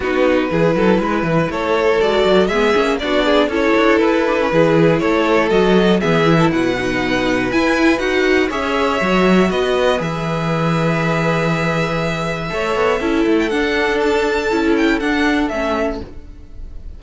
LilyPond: <<
  \new Staff \with { instrumentName = "violin" } { \time 4/4 \tempo 4 = 120 b'2. cis''4 | d''4 e''4 d''4 cis''4 | b'2 cis''4 dis''4 | e''4 fis''2 gis''4 |
fis''4 e''2 dis''4 | e''1~ | e''2~ e''8. g''16 fis''4 | a''4. g''8 fis''4 e''4 | }
  \new Staff \with { instrumentName = "violin" } { \time 4/4 fis'4 gis'8 a'8 b'4 a'4~ | a'4 gis'4 fis'8 gis'8 a'4~ | a'4 gis'4 a'2 | gis'8. a'16 b'2.~ |
b'4 cis''2 b'4~ | b'1~ | b'4 cis''4 a'2~ | a'1 | }
  \new Staff \with { instrumentName = "viola" } { \time 4/4 dis'4 e'2. | fis'4 b8 cis'8 d'4 e'4~ | e'8 d'16 cis'16 e'2 fis'4 | b8 e'4 dis'4. e'4 |
fis'4 gis'4 fis'2 | gis'1~ | gis'4 a'4 e'4 d'4~ | d'4 e'4 d'4 cis'4 | }
  \new Staff \with { instrumentName = "cello" } { \time 4/4 b4 e8 fis8 gis8 e8 a4 | gis8 fis8 gis8 ais8 b4 cis'8 d'8 | e'4 e4 a4 fis4 | e4 b,2 e'4 |
dis'4 cis'4 fis4 b4 | e1~ | e4 a8 b8 cis'8 a8 d'4~ | d'4 cis'4 d'4 a4 | }
>>